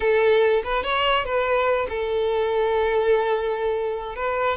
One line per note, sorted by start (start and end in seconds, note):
0.00 0.62 A4
0.64 0.83 B4
0.83 1.24 C#5
1.24 1.87 B4
1.89 4.15 A4
4.15 4.57 B4